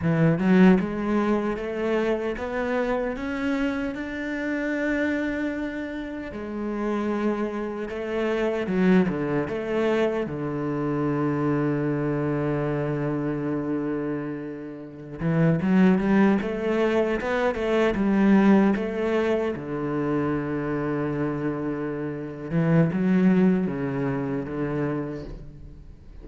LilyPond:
\new Staff \with { instrumentName = "cello" } { \time 4/4 \tempo 4 = 76 e8 fis8 gis4 a4 b4 | cis'4 d'2. | gis2 a4 fis8 d8 | a4 d2.~ |
d2.~ d16 e8 fis16~ | fis16 g8 a4 b8 a8 g4 a16~ | a8. d2.~ d16~ | d8 e8 fis4 cis4 d4 | }